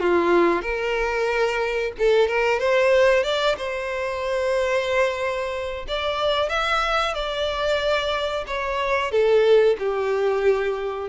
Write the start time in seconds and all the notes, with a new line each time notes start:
0.00 F4
0.62 A#4
1.98 A4
2.28 A#4
2.60 C5
3.23 D5
3.58 C5
5.88 D5
6.49 E5
7.14 D5
8.47 C#5
9.11 A4
9.79 G4